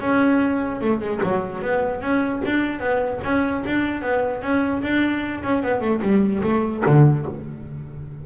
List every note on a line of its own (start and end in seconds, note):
0.00 0.80 C#4
0.81 1.00 A3
1.00 1.20 G#3
1.23 1.61 F#3
1.61 2.01 B3
2.01 2.41 C#4
2.45 2.79 D4
2.79 3.19 B3
3.23 3.63 C#4
3.66 4.02 D4
4.02 4.42 B3
4.42 4.82 C#4
4.82 5.42 D4
5.43 5.62 C#4
5.62 5.80 B3
5.80 6.00 A3
6.02 6.42 G3
6.43 6.83 A3
6.86 7.26 D3